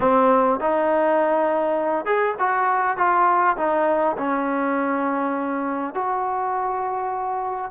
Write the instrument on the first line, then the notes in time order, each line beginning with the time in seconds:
trombone
0.00 C4
0.59 D#4
2.05 G#4
2.39 F#4
2.97 F4
3.56 D#4
4.17 C#4
5.94 F#4